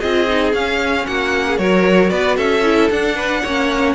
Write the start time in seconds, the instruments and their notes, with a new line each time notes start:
0.00 cello C4, viola F4, violin G#4 D#5
0.28 viola D#4
0.53 viola C#4, cello C#4, violin F5
1.07 cello A#3, violin F#4 F#5
1.47 violin G#4
1.57 cello F#3, viola F#4, violin A#4 C#5
2.10 cello B3, violin B4 D5
2.37 cello C#4, violin A4 E5
2.64 viola E4
2.90 cello D4, viola D4, violin F#5
3.15 violin B4
3.42 cello A#3, viola C#4, violin C#5